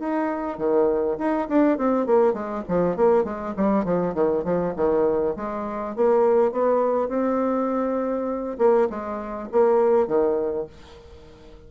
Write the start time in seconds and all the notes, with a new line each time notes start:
0.00 D#4
0.58 D#3
1.19 D#4
1.49 D4
1.78 C4
2.07 A#3
2.34 G#3
2.69 F3
2.97 A#3
3.25 G#3
3.57 G3
3.85 F3
4.15 D#3
4.44 F3
4.76 D#3
5.37 G#3
5.96 A#3
6.52 B3
7.09 C4
8.59 A#3
8.90 G#3
9.52 A#3
10.08 D#3